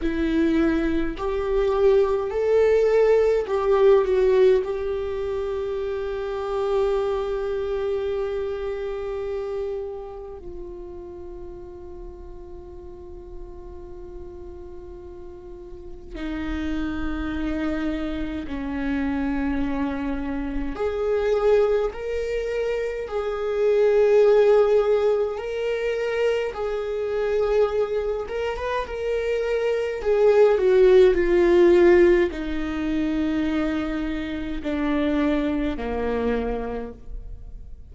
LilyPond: \new Staff \with { instrumentName = "viola" } { \time 4/4 \tempo 4 = 52 e'4 g'4 a'4 g'8 fis'8 | g'1~ | g'4 f'2.~ | f'2 dis'2 |
cis'2 gis'4 ais'4 | gis'2 ais'4 gis'4~ | gis'8 ais'16 b'16 ais'4 gis'8 fis'8 f'4 | dis'2 d'4 ais4 | }